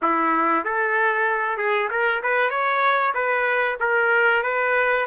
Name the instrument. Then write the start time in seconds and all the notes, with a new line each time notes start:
trumpet
0.01 E4
0.64 A4
1.57 G#4
1.90 A#4
2.22 B4
2.49 C#5
3.14 B4
3.80 A#4
4.43 B4